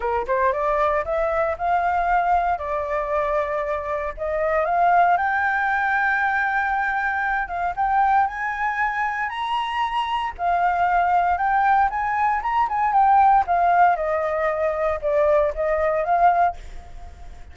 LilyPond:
\new Staff \with { instrumentName = "flute" } { \time 4/4 \tempo 4 = 116 ais'8 c''8 d''4 e''4 f''4~ | f''4 d''2. | dis''4 f''4 g''2~ | g''2~ g''8 f''8 g''4 |
gis''2 ais''2 | f''2 g''4 gis''4 | ais''8 gis''8 g''4 f''4 dis''4~ | dis''4 d''4 dis''4 f''4 | }